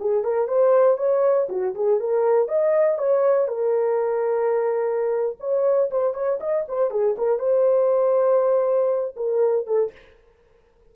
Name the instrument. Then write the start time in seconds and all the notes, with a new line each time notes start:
horn
0.00 G#4
0.24 A#4
0.48 C5
0.98 C#5
1.49 F#4
1.75 G#4
2.00 A#4
2.48 D#5
2.98 C#5
3.48 A#4
5.40 C#5
5.91 C5
6.14 C#5
6.41 D#5
6.69 C5
6.91 G#4
7.18 A#4
7.39 C5
9.16 A#4
9.67 A4